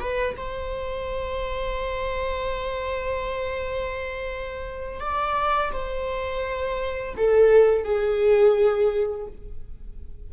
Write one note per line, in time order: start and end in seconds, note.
0.00 0.36 B4
0.37 5.01 C5
5.01 5.72 D5
5.72 7.15 C5
7.17 7.84 A4
7.84 9.27 G#4